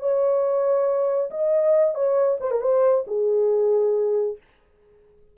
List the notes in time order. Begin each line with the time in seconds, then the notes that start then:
0.00 C#5
1.30 D#5
1.95 C#5
2.40 C5
2.51 A#4
2.61 C5
3.07 G#4